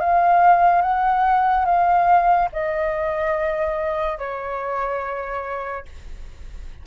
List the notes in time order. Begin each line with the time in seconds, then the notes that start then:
0.00 F5
0.82 F#5
1.66 F5
2.53 D#5
4.19 C#5